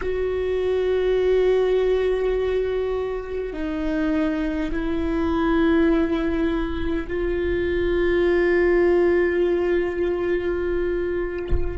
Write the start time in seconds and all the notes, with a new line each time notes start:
0.01 F#4
3.53 D#4
4.71 E4
7.07 F4